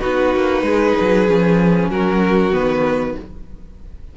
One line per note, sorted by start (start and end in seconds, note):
0.00 0.35 B3
0.00 1.27 D#4
0.00 0.63 F#4
0.00 1.89 B4
0.35 0.62 A#3
0.62 0.94 G#3
0.62 1.90 G#4
1.01 1.28 F#3
1.28 1.89 F3
1.28 2.52 C#4
1.89 2.52 F#3
1.89 3.17 F#4
1.89 2.54 A#4
2.52 3.16 D#3
2.52 3.15 B3
2.52 3.17 B4